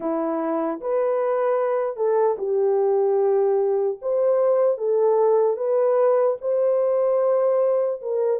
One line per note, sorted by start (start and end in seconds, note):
0.00 0.80 E4
0.80 1.96 B4
1.96 2.36 A4
2.37 3.97 G4
4.01 4.77 C5
4.77 5.56 A4
5.56 6.36 B4
6.41 8.01 C5
8.01 8.40 A#4